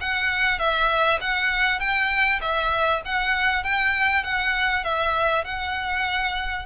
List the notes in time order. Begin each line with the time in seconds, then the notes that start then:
0.00 F#5
0.58 E5
1.20 F#5
1.79 G5
2.41 E5
3.05 F#5
3.63 G5
4.23 F#5
4.84 E5
5.44 F#5